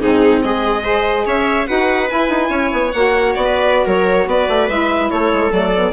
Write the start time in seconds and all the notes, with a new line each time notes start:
0.00 G#2 C4 D#4 G#4
0.42 G#3 G#4 D#5
0.83 G#4 C5
1.26 C#4 C#5 E5
1.66 D#4 F#4 B4 F#5
2.08 E4 G#5
2.29 D#4
2.49 C#4 C#5
2.72 B3
2.91 A#3 F#4 F#5
3.34 B3 D5
3.44 B4
3.85 F#3 A#4 C#5
4.27 B3 B4 D5
4.48 A3
4.68 G#3 E4 E5
5.10 A3 A4 C#5
5.32 G#3
5.51 F#3 A3 D5
5.75 B3